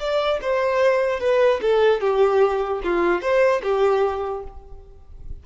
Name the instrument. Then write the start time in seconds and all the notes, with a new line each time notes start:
violin
0.00 D5
0.42 C5
1.21 B4
1.62 A4
2.01 G4
2.84 F4
3.22 C5
3.63 G4